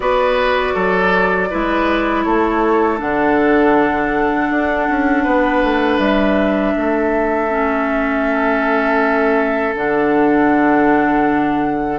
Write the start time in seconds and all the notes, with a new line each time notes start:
0.00 B3 F#4 B4 D5
0.74 F#3 A4
1.50 G#3 E4 B4
2.23 A3 A4 C#5
2.98 D3 D4 F#5
4.50 D4
4.89 C#4
5.23 B3 B4
5.63 A3
5.98 G3 E5
6.76 A3 A4
7.49 C#4
9.75 D3 D4 F#5